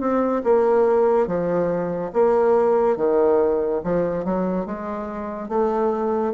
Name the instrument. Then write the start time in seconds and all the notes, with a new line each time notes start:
bassoon
0.00 C4
0.44 A#3
1.27 F3
2.13 A#3
2.97 D#3
3.84 F3
4.24 F#3
4.66 G#3
5.49 A3